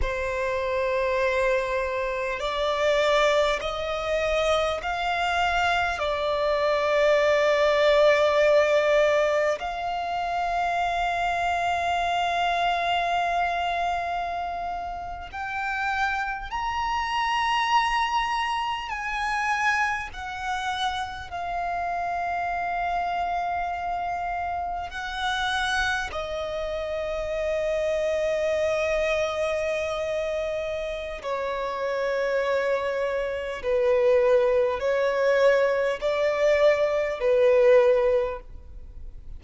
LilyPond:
\new Staff \with { instrumentName = "violin" } { \time 4/4 \tempo 4 = 50 c''2 d''4 dis''4 | f''4 d''2. | f''1~ | f''8. g''4 ais''2 gis''16~ |
gis''8. fis''4 f''2~ f''16~ | f''8. fis''4 dis''2~ dis''16~ | dis''2 cis''2 | b'4 cis''4 d''4 b'4 | }